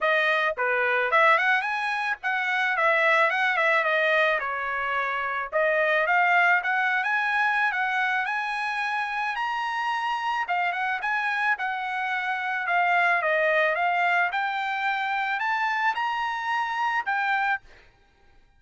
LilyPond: \new Staff \with { instrumentName = "trumpet" } { \time 4/4 \tempo 4 = 109 dis''4 b'4 e''8 fis''8 gis''4 | fis''4 e''4 fis''8 e''8 dis''4 | cis''2 dis''4 f''4 | fis''8. gis''4~ gis''16 fis''4 gis''4~ |
gis''4 ais''2 f''8 fis''8 | gis''4 fis''2 f''4 | dis''4 f''4 g''2 | a''4 ais''2 g''4 | }